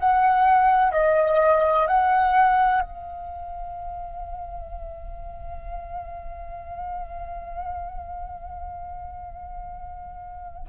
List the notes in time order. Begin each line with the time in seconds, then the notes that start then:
0.00 F#5
0.92 D#5
1.87 F#5
2.81 F5